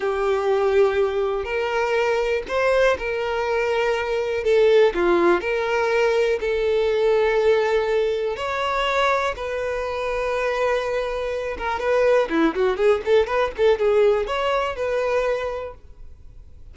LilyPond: \new Staff \with { instrumentName = "violin" } { \time 4/4 \tempo 4 = 122 g'2. ais'4~ | ais'4 c''4 ais'2~ | ais'4 a'4 f'4 ais'4~ | ais'4 a'2.~ |
a'4 cis''2 b'4~ | b'2.~ b'8 ais'8 | b'4 e'8 fis'8 gis'8 a'8 b'8 a'8 | gis'4 cis''4 b'2 | }